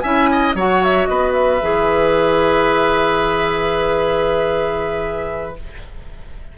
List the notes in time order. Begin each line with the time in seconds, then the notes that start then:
0.00 C#4 E4 E5 G#5
0.31 D#5
0.54 F#3 F#4 C#5 F#5
0.83 E5
1.06 B3 B4 D#5
1.32 E5
1.61 E3 G#4